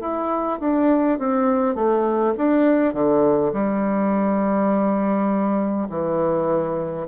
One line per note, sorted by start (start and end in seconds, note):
0.00 0.59 E4
0.60 1.18 D4
1.18 1.75 C4
1.75 2.34 A3
2.37 2.94 D4
2.94 3.52 D3
3.53 5.88 G3
5.89 7.07 E3